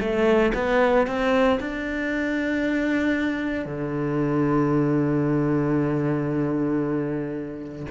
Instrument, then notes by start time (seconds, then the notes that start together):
cello
0.00 A3
0.54 B3
1.07 C4
1.60 D4
3.65 D3